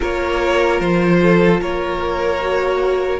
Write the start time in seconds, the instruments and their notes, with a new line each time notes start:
0.00 cello A#3, viola F4, violin A#4 C#5
0.80 cello F3, violin C5
1.22 violin A4
1.60 cello A#3, violin A#4 C#5
2.41 viola F#4